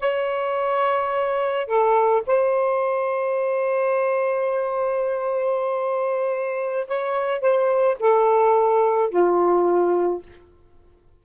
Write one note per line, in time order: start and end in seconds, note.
0.00 1.66 C#5
1.66 2.23 A4
2.27 6.87 C5
6.87 7.41 C#5
7.41 7.97 C5
8.00 9.10 A4
9.10 10.22 F4